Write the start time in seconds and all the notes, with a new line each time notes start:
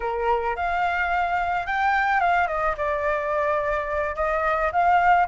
0.00 A#4
0.56 F5
1.66 G5
2.20 F5
2.47 D#5
2.77 D5
4.15 D#5
4.71 F5